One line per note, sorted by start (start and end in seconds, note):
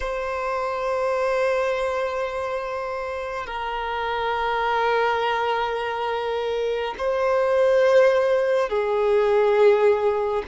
0.00 3.46 C5
3.46 6.94 A#4
6.98 8.69 C5
8.69 10.43 G#4